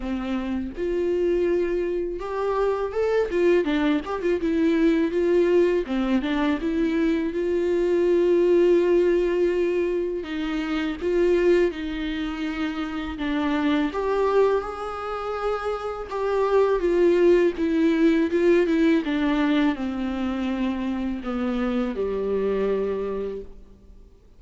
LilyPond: \new Staff \with { instrumentName = "viola" } { \time 4/4 \tempo 4 = 82 c'4 f'2 g'4 | a'8 f'8 d'8 g'16 f'16 e'4 f'4 | c'8 d'8 e'4 f'2~ | f'2 dis'4 f'4 |
dis'2 d'4 g'4 | gis'2 g'4 f'4 | e'4 f'8 e'8 d'4 c'4~ | c'4 b4 g2 | }